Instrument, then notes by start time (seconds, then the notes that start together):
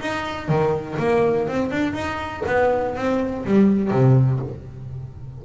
double bass
0.00 D#4
0.48 D#3
0.99 A#3
1.48 C4
1.71 D4
1.93 D#4
2.46 B3
2.95 C4
3.45 G3
3.90 C3